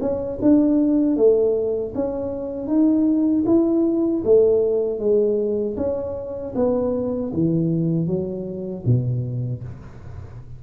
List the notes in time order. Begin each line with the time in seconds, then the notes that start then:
0.00 C#4
0.41 D4
1.16 A3
1.94 C#4
2.67 D#4
3.46 E4
4.24 A3
4.99 G#3
5.77 C#4
6.55 B3
7.33 E3
8.07 F#3
8.86 B2